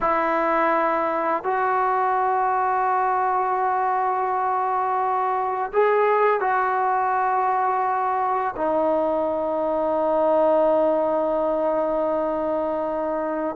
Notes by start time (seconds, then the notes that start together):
0.00 E4
1.43 F#4
5.72 G#4
6.40 F#4
8.56 D#4